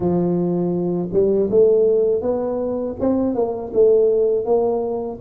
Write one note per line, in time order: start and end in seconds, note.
0.00 1.08 F3
1.12 1.49 G3
1.50 2.21 A3
2.21 2.95 B3
3.00 3.34 C4
3.34 3.71 A#3
3.73 4.45 A3
4.45 5.19 A#3